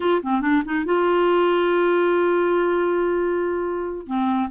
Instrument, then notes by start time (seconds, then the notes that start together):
clarinet
0.00 F4
0.22 C4
0.41 D4
0.65 D#4
0.85 F4
4.06 C4